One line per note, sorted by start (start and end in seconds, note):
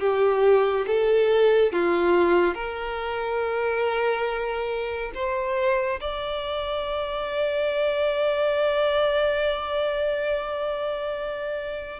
0.00 0.86 G4
0.87 1.73 A4
1.73 2.54 F4
2.54 5.12 A#4
5.14 6.00 C5
6.00 12.00 D5